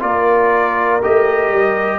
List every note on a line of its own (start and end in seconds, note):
0.00 1.02 A#3
0.00 1.00 F4
0.00 2.00 A#4
0.00 1.02 D5
1.03 1.50 A3
1.03 2.00 G4
1.03 2.00 D#5
1.50 2.00 G3